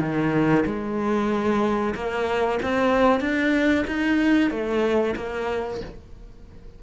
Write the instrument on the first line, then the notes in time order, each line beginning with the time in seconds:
cello
0.00 D#3
0.66 G#3
1.95 A#3
2.63 C4
3.21 D4
3.87 D#4
4.50 A3
5.16 A#3